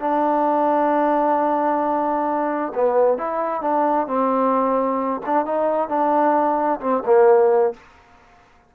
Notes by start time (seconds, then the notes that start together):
0.00 D4
2.75 B3
3.18 E4
3.62 D4
4.07 C4
5.26 D4
5.46 D#4
5.89 D4
6.81 C4
7.06 A#3